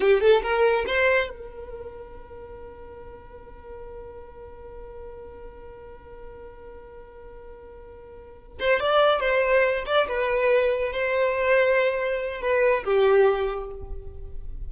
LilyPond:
\new Staff \with { instrumentName = "violin" } { \time 4/4 \tempo 4 = 140 g'8 a'8 ais'4 c''4 ais'4~ | ais'1~ | ais'1~ | ais'1~ |
ais'1 | c''8 d''4 c''4. d''8 b'8~ | b'4. c''2~ c''8~ | c''4 b'4 g'2 | }